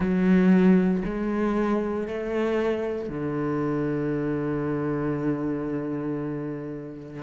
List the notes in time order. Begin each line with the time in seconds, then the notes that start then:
0.00 F#3
1.04 G#3
2.07 A3
3.08 D3